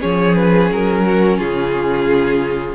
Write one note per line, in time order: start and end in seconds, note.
0.00 0.72 F3
0.00 2.75 C#4
0.00 1.03 G#4
0.00 0.35 C#5
0.35 0.70 B4
0.72 1.41 F#3
0.72 1.39 A#4
1.07 1.38 F#4
1.38 2.75 C#3
1.38 2.75 F4
1.38 2.75 G#4